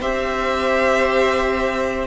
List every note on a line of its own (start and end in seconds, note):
0.00 2.07 C4
0.00 2.07 G4
0.00 2.07 C5
0.00 2.07 E5